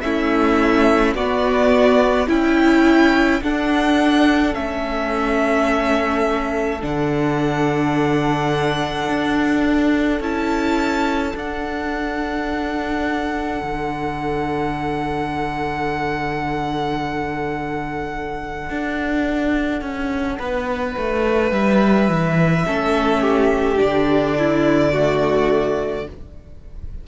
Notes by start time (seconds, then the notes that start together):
0.00 A3 C#4 E4 E5
1.14 B3 F#4 D5
2.27 C#4 E4 G5
3.42 D4 A4 F#5
4.53 A3 C#4 E5
6.81 D3 D4 F#5
9.08 D4
10.20 C#4 E4 A5
11.33 D4 F#5
13.62 D3
18.70 D4
19.81 C#4
20.39 B3 B4
20.97 A3
21.51 G3 E5
22.08 E3
22.66 A3 C#4 A4
23.21 G4
23.76 D3 D4 D5
24.38 E4
24.92 A3 F#4